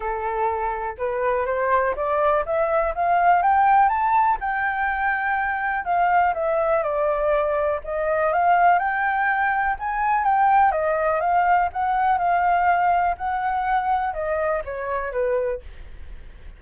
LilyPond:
\new Staff \with { instrumentName = "flute" } { \time 4/4 \tempo 4 = 123 a'2 b'4 c''4 | d''4 e''4 f''4 g''4 | a''4 g''2. | f''4 e''4 d''2 |
dis''4 f''4 g''2 | gis''4 g''4 dis''4 f''4 | fis''4 f''2 fis''4~ | fis''4 dis''4 cis''4 b'4 | }